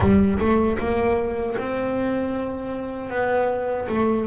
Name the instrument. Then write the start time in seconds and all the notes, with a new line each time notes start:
double bass
0.00 G3
0.39 A3
0.78 A#3
1.57 C4
3.09 B3
3.88 A3